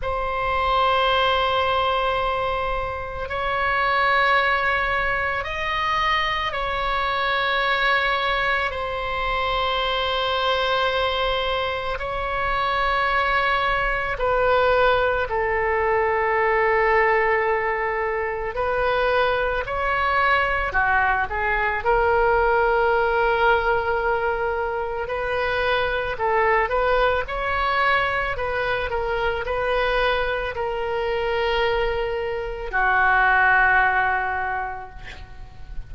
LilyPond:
\new Staff \with { instrumentName = "oboe" } { \time 4/4 \tempo 4 = 55 c''2. cis''4~ | cis''4 dis''4 cis''2 | c''2. cis''4~ | cis''4 b'4 a'2~ |
a'4 b'4 cis''4 fis'8 gis'8 | ais'2. b'4 | a'8 b'8 cis''4 b'8 ais'8 b'4 | ais'2 fis'2 | }